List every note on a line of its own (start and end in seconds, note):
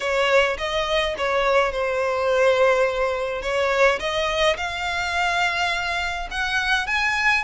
0.00 0.57 C#5
0.58 1.15 D#5
1.17 1.71 C#5
1.71 3.42 C5
3.42 3.99 C#5
3.99 4.56 D#5
4.56 6.28 F5
6.30 6.86 F#5
6.86 7.43 G#5